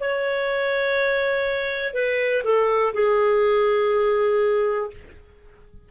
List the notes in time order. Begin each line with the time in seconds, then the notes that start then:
0.00 C#5
1.93 B4
2.44 A4
2.93 G#4